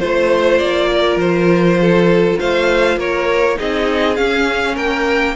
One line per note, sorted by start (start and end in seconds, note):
0.00 0.61 A3
0.00 3.56 F4
0.00 0.59 C5
0.00 0.90 C5
0.59 1.16 A#3
0.59 1.18 D5
0.92 1.81 A#4
1.16 2.35 F3
1.16 2.39 C5
1.82 2.40 A4
2.40 2.97 A3
2.40 2.98 C5
2.40 2.99 F5
2.97 3.57 A#3
2.97 3.58 A#4
2.97 3.59 C#5
3.56 4.19 C4
3.56 4.16 D#4
3.56 4.75 G#4
3.56 4.16 D#5
4.16 5.35 C#4
4.16 4.77 C#4
4.16 4.76 F5
4.75 5.37 A#3
4.75 5.34 A#4
4.75 5.37 G5